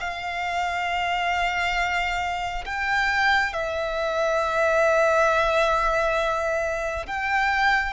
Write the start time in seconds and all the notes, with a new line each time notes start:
0.00 F5
2.65 G5
3.53 E5
7.06 G5